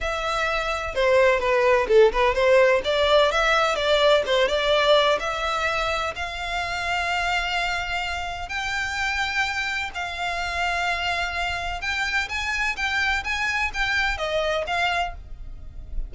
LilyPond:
\new Staff \with { instrumentName = "violin" } { \time 4/4 \tempo 4 = 127 e''2 c''4 b'4 | a'8 b'8 c''4 d''4 e''4 | d''4 c''8 d''4. e''4~ | e''4 f''2.~ |
f''2 g''2~ | g''4 f''2.~ | f''4 g''4 gis''4 g''4 | gis''4 g''4 dis''4 f''4 | }